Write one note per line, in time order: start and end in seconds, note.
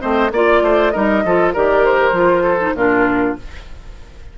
0.00 0.31 A3
0.00 0.30 C4
0.00 0.32 C5
0.00 0.31 D#5
0.31 0.62 A#3
0.31 0.94 F4
0.31 0.64 D5
0.31 0.91 D5
0.63 0.93 A3
0.63 0.93 C5
0.91 1.25 G3
0.91 1.24 D#4
0.91 1.24 A#4
0.91 1.51 D#5
1.25 1.55 F3
1.25 1.55 F4
1.25 1.54 A4
1.54 2.12 D#3
1.54 2.13 G4
1.54 2.43 A#4
1.54 1.85 D5
1.85 2.76 C5
2.12 2.73 F3
2.12 2.59 F4
2.43 2.74 A4
2.60 2.76 D#4
2.74 3.35 A#2
2.74 3.38 D4
2.74 3.38 F4
2.74 3.37 A#4